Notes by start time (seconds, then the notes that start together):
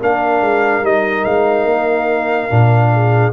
0.00 A#3 D4 A#4 F5
0.41 G#3
0.82 G3 D#4 D#5
1.24 G#3 F5
1.65 A#3
2.49 A#2 D4
2.93 G#4